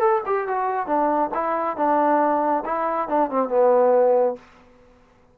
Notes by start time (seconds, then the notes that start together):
0.00 A4
0.26 G4
0.48 F#4
0.87 D4
1.34 E4
1.77 D4
2.65 E4
3.09 D4
3.30 C4
3.49 B3